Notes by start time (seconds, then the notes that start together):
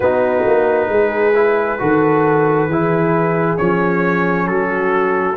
0.00 B3 D#4 F#4 B4
0.46 A#3
0.88 G#3 G#4
1.34 E4
1.79 D#3 F#4 A4
2.68 E3 E4 G#4
3.57 F3 C#4 C#5
4.47 F#3 F#4 A4